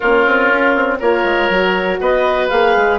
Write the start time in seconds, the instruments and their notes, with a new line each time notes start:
0.00 bassoon A#3, horn C#4, oboe F4, clarinet A#4
0.26 bassoon C4
0.51 bassoon C#4
0.75 bassoon C4
0.99 bassoon A#3, horn F4, oboe A#4, clarinet C#5
1.24 bassoon G#3
1.49 bassoon F#3, horn F#4
1.99 bassoon B3, oboe B4, clarinet D#5
2.48 bassoon A#3, horn G#4, clarinet F5
2.76 bassoon G#3